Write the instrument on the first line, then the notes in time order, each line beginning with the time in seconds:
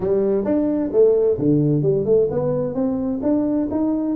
tuba
0.00 G3
0.44 D4
0.92 A3
1.38 D3
1.82 G3
2.05 A3
2.30 B3
2.74 C4
3.22 D4
3.70 D#4